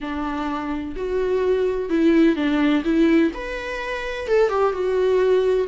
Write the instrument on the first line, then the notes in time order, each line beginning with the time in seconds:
viola
0.00 D4
0.96 F#4
1.89 E4
2.35 D4
2.84 E4
3.33 B4
4.27 A4
4.49 G4
4.72 F#4